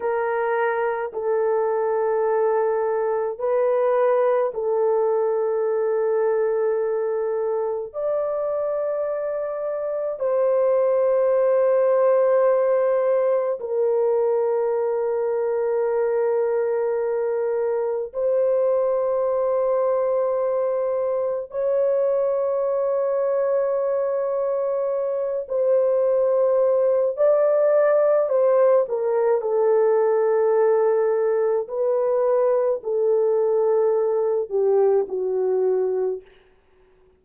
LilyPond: \new Staff \with { instrumentName = "horn" } { \time 4/4 \tempo 4 = 53 ais'4 a'2 b'4 | a'2. d''4~ | d''4 c''2. | ais'1 |
c''2. cis''4~ | cis''2~ cis''8 c''4. | d''4 c''8 ais'8 a'2 | b'4 a'4. g'8 fis'4 | }